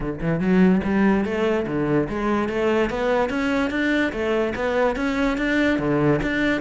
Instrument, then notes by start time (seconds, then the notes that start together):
cello
0.00 D3
0.21 E3
0.39 F#3
0.84 G3
1.24 A3
1.66 D3
2.09 G#3
2.48 A3
2.90 B3
3.29 C#4
3.70 D4
4.12 A3
4.55 B3
4.96 C#4
5.37 D4
5.78 D3
6.22 D4